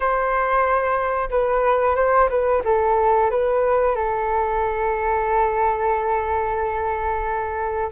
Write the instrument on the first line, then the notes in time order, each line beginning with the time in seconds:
flute
0.00 C5
1.29 B4
1.95 C5
2.29 B4
2.64 A4
3.30 B4
3.95 A4